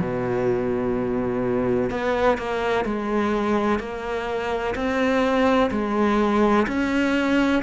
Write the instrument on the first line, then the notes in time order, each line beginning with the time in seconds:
cello
0.00 B2
1.90 B3
2.38 A#3
2.85 G#3
3.80 A#3
4.75 C4
5.71 G#3
6.68 C#4